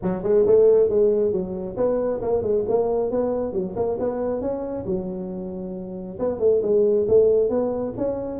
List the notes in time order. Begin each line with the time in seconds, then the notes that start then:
0.02 F#3
0.23 G#3
0.46 A3
0.89 G#3
1.31 F#3
1.76 B3
2.21 A#3
2.42 G#3
2.68 A#3
3.10 B3
3.53 F#3
3.76 A#3
3.99 B3
4.41 C#4
4.85 F#3
6.19 B3
6.39 A3
6.62 G#3
7.07 A3
7.49 B3
7.97 C#4